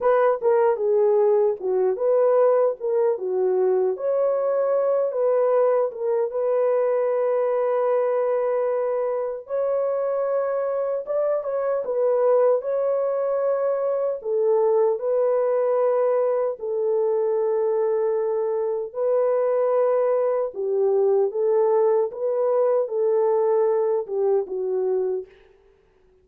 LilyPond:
\new Staff \with { instrumentName = "horn" } { \time 4/4 \tempo 4 = 76 b'8 ais'8 gis'4 fis'8 b'4 ais'8 | fis'4 cis''4. b'4 ais'8 | b'1 | cis''2 d''8 cis''8 b'4 |
cis''2 a'4 b'4~ | b'4 a'2. | b'2 g'4 a'4 | b'4 a'4. g'8 fis'4 | }